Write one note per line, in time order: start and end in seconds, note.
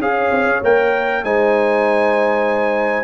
0.00 0.31 C#4
0.00 0.63 G#4
0.00 1.24 C#5
0.00 0.63 F5
0.32 0.47 C4
0.47 0.62 C#4
0.63 1.24 A#3
0.63 1.25 A#4
0.63 1.25 G5
1.24 3.05 G#3
1.24 3.05 D#4
1.24 3.05 C5
1.24 3.05 G#5